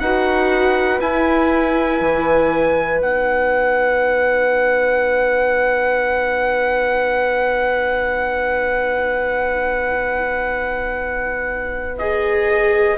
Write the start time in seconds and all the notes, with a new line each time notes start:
0.00 D#4 F#4 B4 F#5
1.01 E4 G#5
2.01 E3
3.00 B3 D#4 F#5
11.99 G#4 D#5